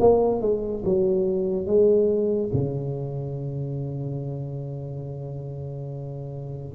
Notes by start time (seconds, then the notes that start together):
0.00 A#3
0.41 G#3
0.85 F#3
1.66 G#3
2.53 C#3